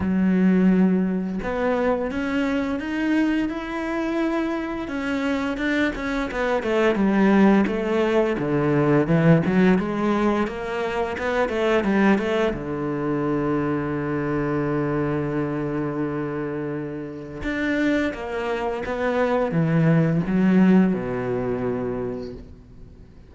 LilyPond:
\new Staff \with { instrumentName = "cello" } { \time 4/4 \tempo 4 = 86 fis2 b4 cis'4 | dis'4 e'2 cis'4 | d'8 cis'8 b8 a8 g4 a4 | d4 e8 fis8 gis4 ais4 |
b8 a8 g8 a8 d2~ | d1~ | d4 d'4 ais4 b4 | e4 fis4 b,2 | }